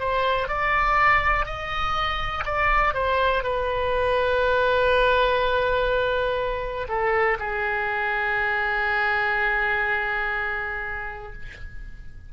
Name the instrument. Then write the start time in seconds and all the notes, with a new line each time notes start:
oboe
0.00 C5
0.48 D5
1.46 D#5
2.45 D5
2.94 C5
3.43 B4
6.89 A4
7.39 G#4